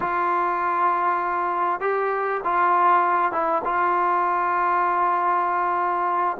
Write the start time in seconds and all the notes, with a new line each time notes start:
0.00 F4
1.80 G4
2.44 F4
3.31 E4
3.64 F4